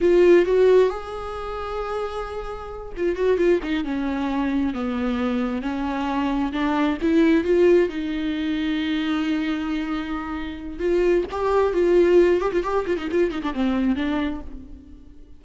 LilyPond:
\new Staff \with { instrumentName = "viola" } { \time 4/4 \tempo 4 = 133 f'4 fis'4 gis'2~ | gis'2~ gis'8 f'8 fis'8 f'8 | dis'8 cis'2 b4.~ | b8 cis'2 d'4 e'8~ |
e'8 f'4 dis'2~ dis'8~ | dis'1 | f'4 g'4 f'4. g'16 f'16 | g'8 f'16 dis'16 f'8 dis'16 d'16 c'4 d'4 | }